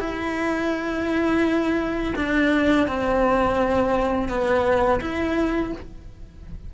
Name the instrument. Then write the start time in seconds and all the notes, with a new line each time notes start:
cello
0.00 E4
2.16 D4
2.88 C4
4.29 B3
5.01 E4